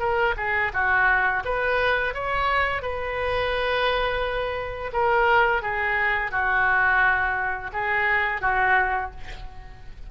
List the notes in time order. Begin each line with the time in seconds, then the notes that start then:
0.00 A#4
0.37 G#4
0.74 F#4
1.45 B4
2.14 C#5
2.83 B4
4.93 A#4
5.63 G#4
6.32 F#4
7.73 G#4
8.42 F#4